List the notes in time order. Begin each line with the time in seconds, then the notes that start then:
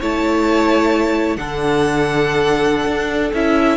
0.00 A3 E4 C#5 A5
1.36 D3 D4 A4 F#5
2.86 D4
3.33 C#4 E4 E5